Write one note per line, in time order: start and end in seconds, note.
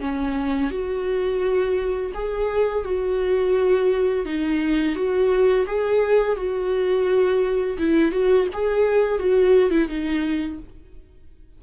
0.00 0.70 C#4
0.70 2.11 F#4
2.14 2.85 G#4
2.85 4.25 F#4
4.25 4.95 D#4
4.95 5.66 F#4
5.66 6.36 G#4
6.36 7.77 F#4
7.78 8.12 E4
8.12 8.47 F#4
8.53 9.19 G#4
9.19 9.70 F#4
9.70 9.88 E4
9.88 10.59 D#4